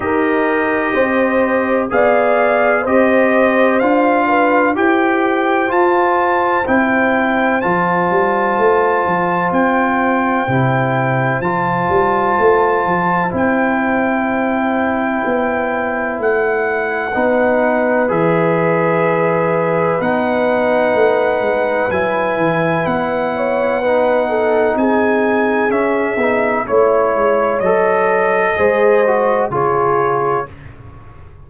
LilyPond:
<<
  \new Staff \with { instrumentName = "trumpet" } { \time 4/4 \tempo 4 = 63 dis''2 f''4 dis''4 | f''4 g''4 a''4 g''4 | a''2 g''2 | a''2 g''2~ |
g''4 fis''2 e''4~ | e''4 fis''2 gis''4 | fis''2 gis''4 e''4 | cis''4 dis''2 cis''4 | }
  \new Staff \with { instrumentName = "horn" } { \time 4/4 ais'4 c''4 d''4 c''4~ | c''8 b'8 c''2.~ | c''1~ | c''1~ |
c''2 b'2~ | b'1~ | b'8 cis''8 b'8 a'8 gis'2 | cis''2 c''4 gis'4 | }
  \new Staff \with { instrumentName = "trombone" } { \time 4/4 g'2 gis'4 g'4 | f'4 g'4 f'4 e'4 | f'2. e'4 | f'2 e'2~ |
e'2 dis'4 gis'4~ | gis'4 dis'2 e'4~ | e'4 dis'2 cis'8 dis'8 | e'4 a'4 gis'8 fis'8 f'4 | }
  \new Staff \with { instrumentName = "tuba" } { \time 4/4 dis'4 c'4 b4 c'4 | d'4 e'4 f'4 c'4 | f8 g8 a8 f8 c'4 c4 | f8 g8 a8 f8 c'2 |
b4 a4 b4 e4~ | e4 b4 a8 gis8 fis8 e8 | b2 c'4 cis'8 b8 | a8 gis8 fis4 gis4 cis4 | }
>>